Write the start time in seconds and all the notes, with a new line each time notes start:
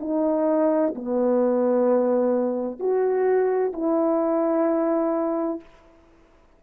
0.00 D#4
0.95 B3
2.80 F#4
3.73 E4